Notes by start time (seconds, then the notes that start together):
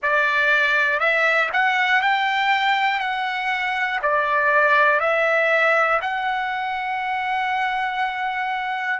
0.02 D5
0.99 E5
1.52 F#5
2.01 G5
2.99 F#5
4.02 D5
5.00 E5
6.01 F#5